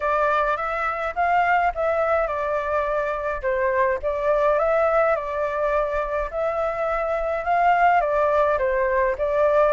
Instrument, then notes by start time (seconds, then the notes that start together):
flute
0.00 D5
0.56 E5
1.15 F5
1.75 E5
2.27 D5
3.41 C5
4.02 D5
4.58 E5
5.15 D5
6.30 E5
7.44 F5
8.01 D5
8.58 C5
9.18 D5